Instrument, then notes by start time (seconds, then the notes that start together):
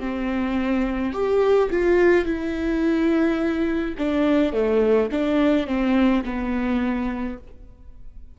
viola
0.00 C4
1.13 G4
1.71 F4
2.25 E4
3.98 D4
4.53 A3
5.12 D4
5.68 C4
6.25 B3